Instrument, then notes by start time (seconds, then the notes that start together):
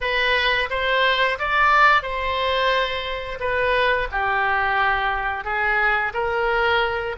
oboe
0.01 B4
0.70 C5
1.39 D5
2.02 C5
3.39 B4
4.11 G4
5.44 G#4
6.13 A#4